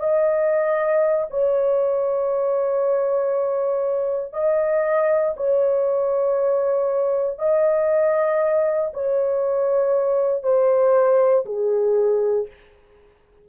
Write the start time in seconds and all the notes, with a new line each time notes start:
0.00 D#5
1.30 C#5
4.34 D#5
5.37 C#5
7.39 D#5
8.94 C#5
10.44 C5
11.46 G#4